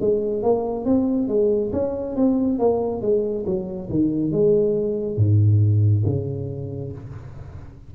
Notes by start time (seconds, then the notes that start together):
0.00 G#3
0.43 A#3
0.85 C4
1.28 G#3
1.72 C#4
2.16 C4
2.58 A#3
3.02 G#3
3.45 F#3
3.89 D#3
4.31 G#3
5.17 G#2
6.06 C#3